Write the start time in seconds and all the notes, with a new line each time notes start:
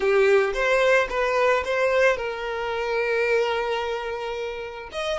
0.00 G4
0.53 C5
1.09 B4
1.64 C5
2.17 A#4
4.92 D#5